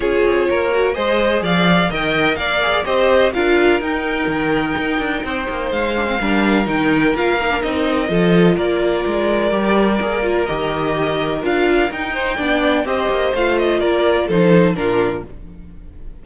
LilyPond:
<<
  \new Staff \with { instrumentName = "violin" } { \time 4/4 \tempo 4 = 126 cis''2 dis''4 f''4 | g''4 f''4 dis''4 f''4 | g''1 | f''2 g''4 f''4 |
dis''2 d''2~ | d''2 dis''2 | f''4 g''2 dis''4 | f''8 dis''8 d''4 c''4 ais'4 | }
  \new Staff \with { instrumentName = "violin" } { \time 4/4 gis'4 ais'4 c''4 d''4 | dis''4 d''4 c''4 ais'4~ | ais'2. c''4~ | c''4 ais'2.~ |
ais'4 a'4 ais'2~ | ais'1~ | ais'4. c''8 d''4 c''4~ | c''4 ais'4 a'4 f'4 | }
  \new Staff \with { instrumentName = "viola" } { \time 4/4 f'4. fis'8 gis'2 | ais'4. gis'8 g'4 f'4 | dis'1~ | dis'8 d'16 c'16 d'4 dis'4 f'8 dis'16 d'16 |
dis'4 f'2. | g'4 gis'8 f'8 g'2 | f'4 dis'4 d'4 g'4 | f'2 dis'4 d'4 | }
  \new Staff \with { instrumentName = "cello" } { \time 4/4 cis'8 c'8 ais4 gis4 f4 | dis4 ais4 c'4 d'4 | dis'4 dis4 dis'8 d'8 c'8 ais8 | gis4 g4 dis4 ais4 |
c'4 f4 ais4 gis4 | g4 ais4 dis2 | d'4 dis'4 b4 c'8 ais8 | a4 ais4 f4 ais,4 | }
>>